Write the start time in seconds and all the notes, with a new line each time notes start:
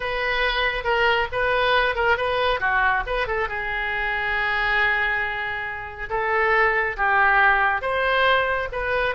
0.00 B4
0.84 A#4
1.31 B4
1.95 A#4
2.17 B4
2.60 F#4
3.06 B4
3.27 A4
3.48 G#4
6.09 A4
6.96 G4
7.81 C5
8.72 B4